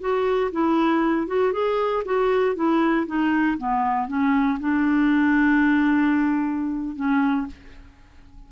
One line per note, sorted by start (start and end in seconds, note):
0.00 0.51 F#4
0.52 1.27 E4
1.27 1.53 F#4
1.53 2.03 G#4
2.05 2.55 F#4
2.55 3.06 E4
3.06 3.57 D#4
3.58 4.08 B3
4.08 4.59 C#4
4.60 6.96 D4
6.96 7.47 C#4